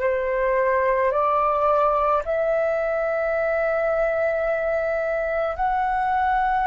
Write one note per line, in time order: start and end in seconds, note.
0.00 1.11 C5
1.12 2.23 D5
2.25 5.56 E5
5.56 6.67 F#5